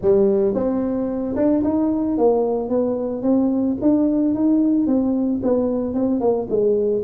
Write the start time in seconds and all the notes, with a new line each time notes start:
0.01 G3
0.54 C4
1.35 D4
1.63 D#4
2.17 A#3
2.69 B3
3.22 C4
3.81 D4
4.34 D#4
4.86 C4
5.42 B3
5.93 C4
6.20 A#3
6.49 G#3